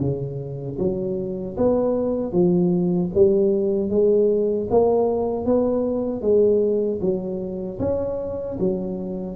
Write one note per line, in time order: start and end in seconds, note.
0.00 0.78 C#3
0.79 1.57 F#3
1.57 2.32 B3
2.32 3.10 F3
3.15 3.90 G3
3.90 4.68 G#3
4.70 5.45 A#3
5.45 6.21 B3
6.21 6.99 G#3
7.01 7.79 F#3
7.80 8.57 C#4
8.59 9.36 F#3